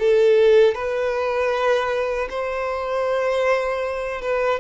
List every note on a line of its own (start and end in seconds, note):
0.00 0.75 A4
0.75 2.29 B4
2.30 4.22 C5
4.22 4.60 B4